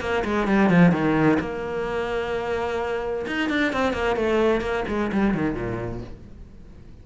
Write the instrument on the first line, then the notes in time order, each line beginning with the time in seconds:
cello
0.00 A#3
0.24 G#3
0.47 G3
0.69 F3
0.91 D#3
1.39 A#3
3.26 D#4
3.49 D4
3.72 C4
3.92 A#3
4.16 A3
4.60 A#3
4.88 G#3
5.12 G3
5.34 D#3
5.54 A#2